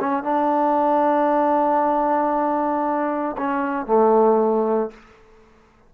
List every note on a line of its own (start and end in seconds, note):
0.00 0.23 C#4
0.23 3.37 D4
3.37 3.86 C#4
3.86 4.91 A3